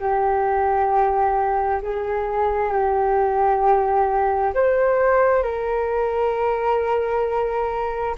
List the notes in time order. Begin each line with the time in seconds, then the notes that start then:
0.00 G4
1.83 G#4
2.73 G4
4.55 C5
5.43 A#4